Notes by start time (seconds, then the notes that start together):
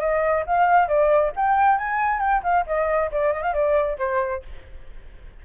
0.00 D#5
0.46 F5
0.88 D5
1.36 G5
1.78 G#5
2.20 G5
2.43 F5
2.66 D#5
3.12 D5
3.33 D#5
3.42 F5
3.53 D5
3.98 C5